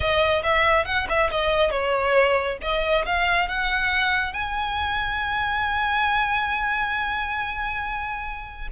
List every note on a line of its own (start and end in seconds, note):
0.00 0.42 D#5
0.43 0.85 E5
0.85 1.07 F#5
1.08 1.30 E5
1.30 1.71 D#5
1.71 2.58 C#5
2.61 3.05 D#5
3.05 3.48 F5
3.48 4.33 F#5
4.33 8.67 G#5